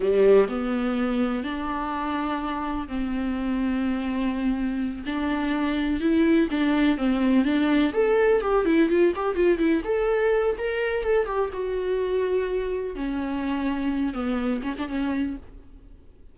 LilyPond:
\new Staff \with { instrumentName = "viola" } { \time 4/4 \tempo 4 = 125 g4 b2 d'4~ | d'2 c'2~ | c'2~ c'8 d'4.~ | d'8 e'4 d'4 c'4 d'8~ |
d'8 a'4 g'8 e'8 f'8 g'8 f'8 | e'8 a'4. ais'4 a'8 g'8 | fis'2. cis'4~ | cis'4. b4 cis'16 d'16 cis'4 | }